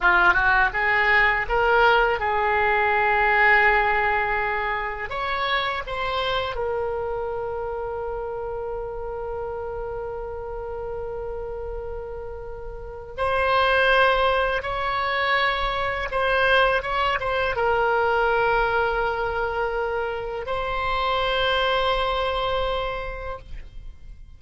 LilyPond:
\new Staff \with { instrumentName = "oboe" } { \time 4/4 \tempo 4 = 82 f'8 fis'8 gis'4 ais'4 gis'4~ | gis'2. cis''4 | c''4 ais'2.~ | ais'1~ |
ais'2 c''2 | cis''2 c''4 cis''8 c''8 | ais'1 | c''1 | }